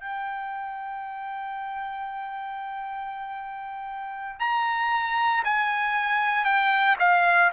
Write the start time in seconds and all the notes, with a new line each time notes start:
0.00 G5
4.40 A#5
5.44 G#5
6.45 G5
6.99 F5